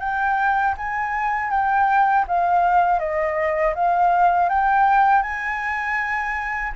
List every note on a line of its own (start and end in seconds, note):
0.00 0.75 G5
0.78 1.51 G#5
1.51 2.26 G5
2.28 2.99 F5
2.99 3.74 D#5
3.75 4.49 F5
4.49 5.23 G5
5.23 6.73 G#5